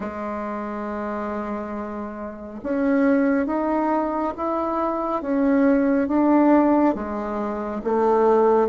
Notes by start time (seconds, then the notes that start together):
0.00 G#3
2.63 C#4
3.46 D#4
4.37 E4
5.22 C#4
6.08 D4
6.94 G#3
7.84 A3